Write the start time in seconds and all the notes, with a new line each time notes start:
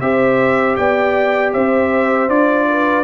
0.00 C4 G4 C5 E5
0.76 B3 D5 G5
1.53 C4 C5 E5
2.28 D4 F4 D5
2.68 B4